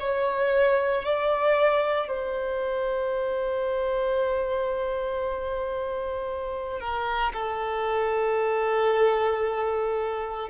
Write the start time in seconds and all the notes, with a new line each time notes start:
0.00 C#5
1.04 D5
2.08 C5
6.80 A#4
7.33 A4